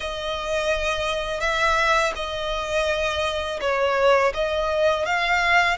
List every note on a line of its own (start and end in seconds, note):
0.00 1.40 D#5
1.40 2.12 E5
2.15 3.60 D#5
3.60 4.32 C#5
4.33 5.05 D#5
5.05 5.77 F5